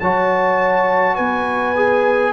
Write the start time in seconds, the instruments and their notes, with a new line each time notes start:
0.00 tuba F#3, trombone F#4, horn C#5, trumpet A5
1.15 tuba B3, horn B4, trumpet G#5
1.76 trombone G#4